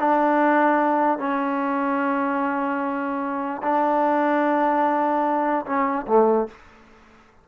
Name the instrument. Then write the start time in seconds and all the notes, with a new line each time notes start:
trombone
0.00 D4
1.19 C#4
3.63 D4
5.66 C#4
6.08 A3